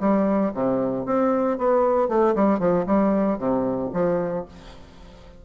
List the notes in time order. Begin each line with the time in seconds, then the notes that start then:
0.00 G3
0.54 C3
1.06 C4
1.58 B3
2.09 A3
2.35 G3
2.59 F3
2.86 G3
3.38 C3
3.93 F3